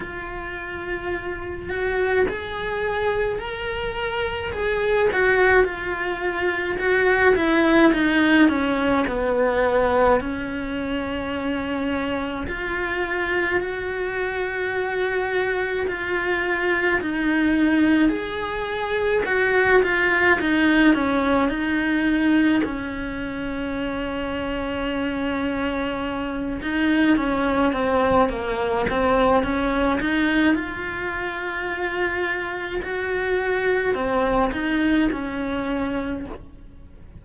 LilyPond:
\new Staff \with { instrumentName = "cello" } { \time 4/4 \tempo 4 = 53 f'4. fis'8 gis'4 ais'4 | gis'8 fis'8 f'4 fis'8 e'8 dis'8 cis'8 | b4 cis'2 f'4 | fis'2 f'4 dis'4 |
gis'4 fis'8 f'8 dis'8 cis'8 dis'4 | cis'2.~ cis'8 dis'8 | cis'8 c'8 ais8 c'8 cis'8 dis'8 f'4~ | f'4 fis'4 c'8 dis'8 cis'4 | }